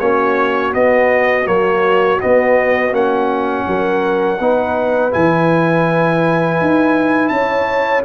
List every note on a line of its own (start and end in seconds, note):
0.00 0.74 A#3
0.00 0.73 C#4
0.00 3.66 F#4
0.00 0.73 C#5
0.73 1.45 B3
0.73 1.47 B3
0.73 1.47 D#5
1.45 2.20 F#3
1.45 2.18 A#3
1.45 2.20 C#5
2.21 2.92 B3
2.21 2.95 D#5
2.92 3.65 A#3
2.92 4.38 C#4
2.92 5.13 F#5
3.67 4.39 F#3
3.67 4.41 A#4
4.39 5.13 B3
4.39 5.11 D#4
4.39 7.33 B4
5.11 6.61 E3
5.11 8.04 E4
5.11 7.29 G#5
6.61 7.30 D#4
7.29 8.03 C#4
7.29 8.05 C#5
7.29 8.02 A5